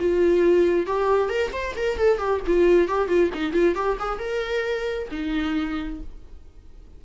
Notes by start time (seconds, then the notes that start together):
0.00 F4
0.87 G4
1.29 A#4
1.53 C5
1.77 A#4
1.98 A4
2.18 G4
2.47 F4
2.88 G4
3.08 F4
3.34 D#4
3.53 F4
3.76 G4
4.00 G#4
4.19 A#4
5.11 D#4